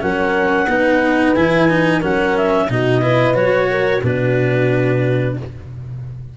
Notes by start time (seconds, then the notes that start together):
0.00 F#3 C#4 A#4 F#5
0.67 B3 D#4 B4
1.35 E3 E4 G#5
1.69 D#4
2.00 F#3 C#4 A#4 F#5
2.37 E5
2.69 B2 D#4 F#4 D#5
3.02 E4 B4
3.34 F#3 F#4 C#5
3.71 A#4
4.02 B2 D4 F#4 B4